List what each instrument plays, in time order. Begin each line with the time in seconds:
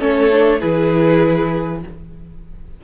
0.00 cello A3, viola C#4, violin A4 C#5
0.33 viola D4
0.60 cello E3, viola E4, violin G#4 B4